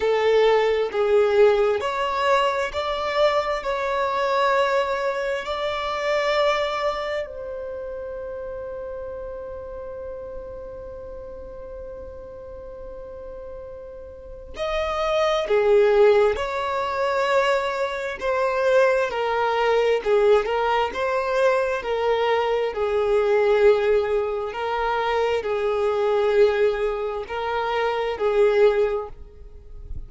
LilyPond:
\new Staff \with { instrumentName = "violin" } { \time 4/4 \tempo 4 = 66 a'4 gis'4 cis''4 d''4 | cis''2 d''2 | c''1~ | c''1 |
dis''4 gis'4 cis''2 | c''4 ais'4 gis'8 ais'8 c''4 | ais'4 gis'2 ais'4 | gis'2 ais'4 gis'4 | }